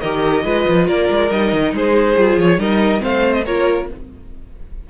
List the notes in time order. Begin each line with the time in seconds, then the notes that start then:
0.00 D#3 G4 A#4 D#5
0.44 G#3 F4 B4
0.68 F3
0.87 A#3 A#4 D5
1.09 G#3
1.31 G3 D#4 D#5
1.52 D#3
1.72 G#3 G#4 C5
2.16 G3 F4
2.37 F3 C#5
2.58 G3 D#4 A#4 D#5
2.99 A3 C4 C5 F5
3.33 D#5
3.45 A#3 F4 A#4 C#5